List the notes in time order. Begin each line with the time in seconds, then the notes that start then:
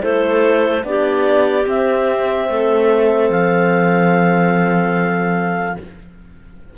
0.00 A3 E4 A4 C5
0.84 B3 D4 G4 D5
1.66 C4 E5
2.49 A3 A4
3.30 F3 F5